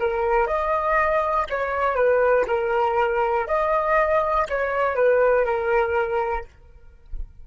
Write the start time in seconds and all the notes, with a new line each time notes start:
0.00 A#4
0.47 D#5
1.50 C#5
1.96 B4
2.48 A#4
3.48 D#5
4.50 C#5
4.96 B4
5.46 A#4